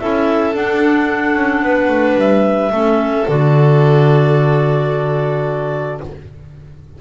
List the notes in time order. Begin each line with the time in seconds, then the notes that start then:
0.00 C#4 E4 A4 E5
0.54 D4 F#5
1.35 C#4
1.62 B3 B4
1.89 A3
2.16 G3 E5
2.72 A3 C#4 A4
3.28 D3 F#4 D5